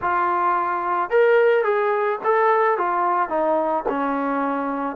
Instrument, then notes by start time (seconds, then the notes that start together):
trombone
0.01 F4
1.10 A#4
1.63 G#4
2.23 A4
2.77 F4
3.29 D#4
3.88 C#4